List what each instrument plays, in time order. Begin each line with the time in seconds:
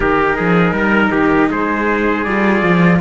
0.00 cello D#3 D#4, trumpet G4 A#4
0.36 cello F3, trumpet G#4
0.72 cello G3, trumpet A#4
1.11 cello D#3, trumpet G4
1.50 cello G#3, trumpet G#4 C5
2.24 cello G3 F4, trumpet D5
2.62 cello F3